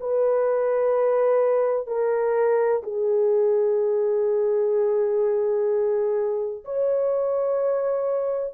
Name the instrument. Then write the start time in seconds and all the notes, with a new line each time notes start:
horn
0.00 B4
1.87 A#4
2.83 G#4
6.65 C#5